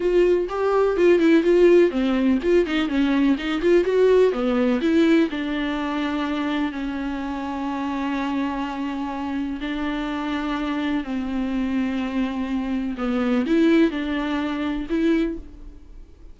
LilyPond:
\new Staff \with { instrumentName = "viola" } { \time 4/4 \tempo 4 = 125 f'4 g'4 f'8 e'8 f'4 | c'4 f'8 dis'8 cis'4 dis'8 f'8 | fis'4 b4 e'4 d'4~ | d'2 cis'2~ |
cis'1 | d'2. c'4~ | c'2. b4 | e'4 d'2 e'4 | }